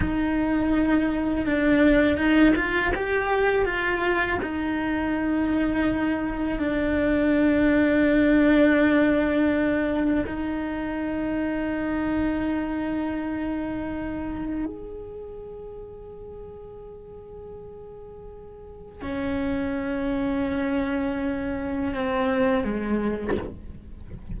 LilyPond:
\new Staff \with { instrumentName = "cello" } { \time 4/4 \tempo 4 = 82 dis'2 d'4 dis'8 f'8 | g'4 f'4 dis'2~ | dis'4 d'2.~ | d'2 dis'2~ |
dis'1 | gis'1~ | gis'2 cis'2~ | cis'2 c'4 gis4 | }